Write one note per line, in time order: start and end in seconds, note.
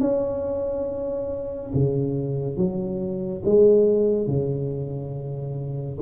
0.00 1.71 C#4
1.74 2.57 C#3
2.57 3.43 F#3
3.45 4.27 G#3
4.27 5.99 C#3